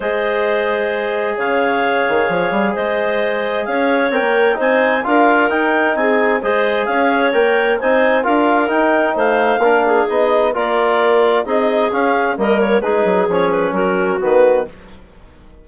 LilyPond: <<
  \new Staff \with { instrumentName = "clarinet" } { \time 4/4 \tempo 4 = 131 dis''2. f''4~ | f''2 dis''2 | f''4 g''4 gis''4 f''4 | g''4 gis''4 dis''4 f''4 |
g''4 gis''4 f''4 g''4 | f''2 dis''4 d''4~ | d''4 dis''4 f''4 dis''8 cis''8 | b'4 cis''8 b'8 ais'4 b'4 | }
  \new Staff \with { instrumentName = "clarinet" } { \time 4/4 c''2. cis''4~ | cis''2 c''2 | cis''2 c''4 ais'4~ | ais'4 gis'4 c''4 cis''4~ |
cis''4 c''4 ais'2 | c''4 ais'8 gis'4. ais'4~ | ais'4 gis'2 ais'4 | gis'2 fis'2 | }
  \new Staff \with { instrumentName = "trombone" } { \time 4/4 gis'1~ | gis'1~ | gis'4 ais'4 dis'4 f'4 | dis'2 gis'2 |
ais'4 dis'4 f'4 dis'4~ | dis'4 d'4 dis'4 f'4~ | f'4 dis'4 cis'4 ais4 | dis'4 cis'2 b4 | }
  \new Staff \with { instrumentName = "bassoon" } { \time 4/4 gis2. cis4~ | cis8 dis8 f8 g8 gis2 | cis'4 c'16 ais8. c'4 d'4 | dis'4 c'4 gis4 cis'4 |
ais4 c'4 d'4 dis'4 | a4 ais4 b4 ais4~ | ais4 c'4 cis'4 g4 | gis8 fis8 f4 fis4 dis4 | }
>>